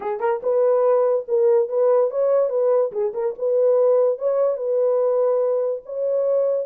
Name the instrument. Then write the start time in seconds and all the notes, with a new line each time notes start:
horn
0.00 G#4
0.20 A#4
0.42 B4
1.27 A#4
1.68 B4
2.10 C#5
2.49 B4
2.92 G#4
3.13 A#4
3.38 B4
4.18 C#5
4.57 B4
5.85 C#5